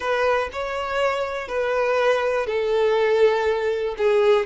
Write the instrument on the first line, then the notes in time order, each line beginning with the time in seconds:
violin
0.00 B4
0.52 C#5
1.48 B4
2.46 A4
3.97 G#4